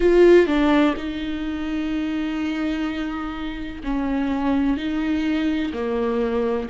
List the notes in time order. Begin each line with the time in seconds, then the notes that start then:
0.00 F4
0.46 D4
0.96 D#4
3.83 C#4
4.77 D#4
5.73 A#3